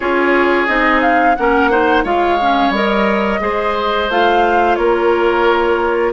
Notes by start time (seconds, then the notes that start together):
0.00 C#4 F4 G#4 C#5
0.66 C4 D#4 D#5
1.01 F5
1.35 A#3 C#4 A#4 F#5
1.70 D#4 C5
2.03 G#3 F4 C#5 F5
2.41 C#4
2.69 G3 A#4 D#5
3.40 G#3 G#4 C5
4.09 A3 F4 F5
4.75 A#3 A#4 C#5